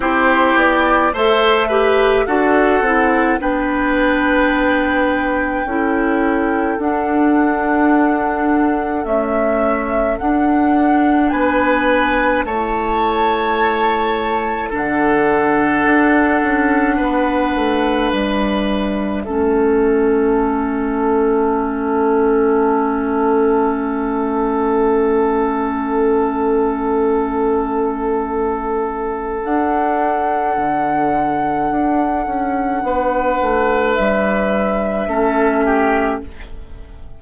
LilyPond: <<
  \new Staff \with { instrumentName = "flute" } { \time 4/4 \tempo 4 = 53 c''8 d''8 e''4 fis''4 g''4~ | g''2 fis''2 | e''4 fis''4 gis''4 a''4~ | a''4 fis''2. |
e''1~ | e''1~ | e''2 fis''2~ | fis''2 e''2 | }
  \new Staff \with { instrumentName = "oboe" } { \time 4/4 g'4 c''8 b'8 a'4 b'4~ | b'4 a'2.~ | a'2 b'4 cis''4~ | cis''4 a'2 b'4~ |
b'4 a'2.~ | a'1~ | a'1~ | a'4 b'2 a'8 g'8 | }
  \new Staff \with { instrumentName = "clarinet" } { \time 4/4 e'4 a'8 g'8 fis'8 e'8 d'4~ | d'4 e'4 d'2 | a4 d'2 e'4~ | e'4 d'2.~ |
d'4 cis'2.~ | cis'1~ | cis'2 d'2~ | d'2. cis'4 | }
  \new Staff \with { instrumentName = "bassoon" } { \time 4/4 c'8 b8 a4 d'8 c'8 b4~ | b4 cis'4 d'2 | cis'4 d'4 b4 a4~ | a4 d4 d'8 cis'8 b8 a8 |
g4 a2.~ | a1~ | a2 d'4 d4 | d'8 cis'8 b8 a8 g4 a4 | }
>>